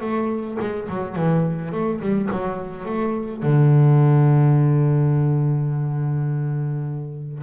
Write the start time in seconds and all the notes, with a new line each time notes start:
0.00 A3
0.59 G#3
0.88 F#3
1.15 E3
1.71 A3
2.00 G3
2.31 F#3
2.85 A3
3.42 D3